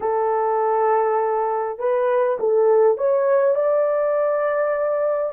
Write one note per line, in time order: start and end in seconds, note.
0.00 1.78 A4
1.78 2.38 B4
2.39 2.97 A4
2.97 3.55 C#5
3.55 5.32 D5